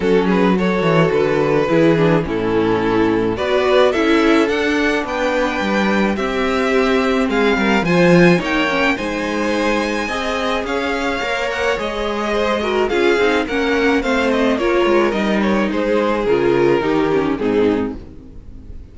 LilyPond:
<<
  \new Staff \with { instrumentName = "violin" } { \time 4/4 \tempo 4 = 107 a'8 b'8 cis''4 b'2 | a'2 d''4 e''4 | fis''4 g''2 e''4~ | e''4 f''4 gis''4 g''4 |
gis''2. f''4~ | f''8 fis''8 dis''2 f''4 | fis''4 f''8 dis''8 cis''4 dis''8 cis''8 | c''4 ais'2 gis'4 | }
  \new Staff \with { instrumentName = "violin" } { \time 4/4 fis'8 gis'8 a'2 gis'4 | e'2 b'4 a'4~ | a'4 b'2 g'4~ | g'4 gis'8 ais'8 c''4 cis''4 |
c''2 dis''4 cis''4~ | cis''2 c''8 ais'8 gis'4 | ais'4 c''4 ais'2 | gis'2 g'4 dis'4 | }
  \new Staff \with { instrumentName = "viola" } { \time 4/4 cis'4 fis'2 e'8 d'8 | cis'2 fis'4 e'4 | d'2. c'4~ | c'2 f'4 dis'8 cis'8 |
dis'2 gis'2 | ais'4 gis'4. fis'8 f'8 dis'8 | cis'4 c'4 f'4 dis'4~ | dis'4 f'4 dis'8 cis'8 c'4 | }
  \new Staff \with { instrumentName = "cello" } { \time 4/4 fis4. e8 d4 e4 | a,2 b4 cis'4 | d'4 b4 g4 c'4~ | c'4 gis8 g8 f4 ais4 |
gis2 c'4 cis'4 | ais4 gis2 cis'8 c'8 | ais4 a4 ais8 gis8 g4 | gis4 cis4 dis4 gis,4 | }
>>